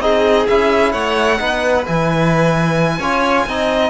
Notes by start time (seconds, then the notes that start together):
0.00 C4 D#4 G#4 D#5
0.48 C#4 E4 E5
0.93 A3 C#5 F#5
1.39 B3 D#4 B4
1.86 E3 E4 G#5
2.99 C#4 F4 C#5
3.46 C4 D#4 D#5